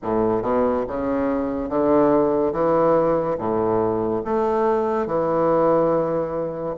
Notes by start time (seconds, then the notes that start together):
0.02 A2
0.42 B2
0.87 C#3
1.69 D3
2.52 E3
3.38 A2
4.24 A3
5.06 E3